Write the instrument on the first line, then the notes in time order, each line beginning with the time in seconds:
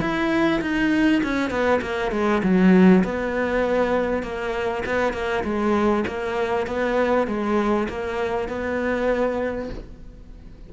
cello
0.00 E4
0.61 D#4
1.23 C#4
1.50 B3
1.81 A#3
2.12 G#3
2.43 F#3
3.04 B3
4.23 A#3
4.85 B3
5.13 A#3
5.44 G#3
6.07 A#3
6.67 B3
7.27 G#3
7.89 A#3
8.48 B3